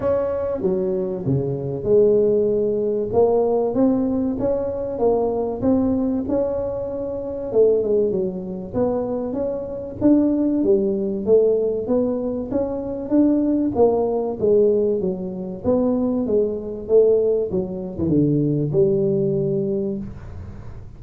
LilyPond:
\new Staff \with { instrumentName = "tuba" } { \time 4/4 \tempo 4 = 96 cis'4 fis4 cis4 gis4~ | gis4 ais4 c'4 cis'4 | ais4 c'4 cis'2 | a8 gis8 fis4 b4 cis'4 |
d'4 g4 a4 b4 | cis'4 d'4 ais4 gis4 | fis4 b4 gis4 a4 | fis8. e16 d4 g2 | }